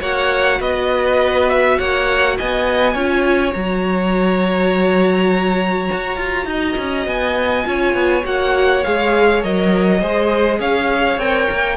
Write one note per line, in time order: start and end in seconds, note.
0.00 0.59 A#3
0.00 2.95 F#4
0.00 0.59 C#5
0.00 0.61 F#5
0.59 1.77 B3
0.59 1.77 B4
0.59 1.49 D#5
1.49 1.78 E5
1.77 2.38 A#3
1.77 2.36 C#5
1.77 2.37 F#5
2.37 2.94 B3
2.37 2.93 D#5
2.37 3.53 G#5
2.93 3.53 C#4
2.93 3.54 F4
2.93 6.46 C#5
3.53 5.90 F#3
3.53 7.64 F#4
3.53 7.06 A#5
5.92 6.17 F#4
6.17 6.45 F4
6.45 6.75 D#4
6.45 7.67 D#5
6.78 7.06 C#4
7.06 7.65 B3
7.06 8.24 G#5
7.64 7.94 C#4
7.64 8.23 F4
7.64 10.00 C#5
7.94 8.23 B3
8.24 8.84 A#3
8.24 8.82 F#4
8.24 8.84 F#5
8.84 9.44 G#3
8.84 9.42 G#4
8.84 9.42 F5
9.42 10.02 F#3
9.42 10.01 A#4
9.42 10.60 D#5
10.00 10.59 G#3
10.00 11.19 G#4
10.00 10.59 C5
10.59 11.17 C#4
10.59 11.77 C#5
10.59 11.19 F5
11.17 11.46 C4
11.17 11.77 A#4
11.17 11.77 G5
11.50 11.77 A#3